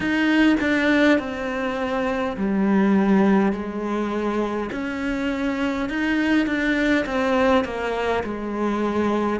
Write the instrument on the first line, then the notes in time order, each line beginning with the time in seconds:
cello
0.00 D#4
0.60 D4
1.18 C4
2.36 G3
3.52 G#3
4.71 C#4
5.89 D#4
6.46 D4
7.05 C4
7.64 A#3
8.24 G#3